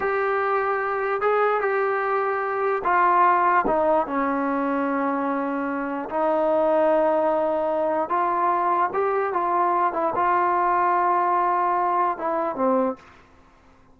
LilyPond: \new Staff \with { instrumentName = "trombone" } { \time 4/4 \tempo 4 = 148 g'2. gis'4 | g'2. f'4~ | f'4 dis'4 cis'2~ | cis'2. dis'4~ |
dis'1 | f'2 g'4 f'4~ | f'8 e'8 f'2.~ | f'2 e'4 c'4 | }